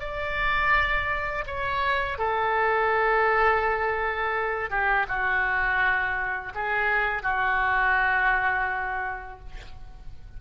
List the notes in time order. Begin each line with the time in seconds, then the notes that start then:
0.00 D5
1.47 C#5
2.19 A4
4.70 G4
5.08 F#4
6.55 G#4
7.23 F#4